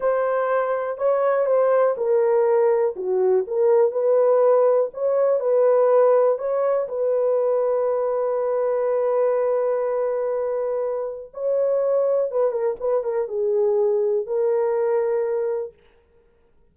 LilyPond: \new Staff \with { instrumentName = "horn" } { \time 4/4 \tempo 4 = 122 c''2 cis''4 c''4 | ais'2 fis'4 ais'4 | b'2 cis''4 b'4~ | b'4 cis''4 b'2~ |
b'1~ | b'2. cis''4~ | cis''4 b'8 ais'8 b'8 ais'8 gis'4~ | gis'4 ais'2. | }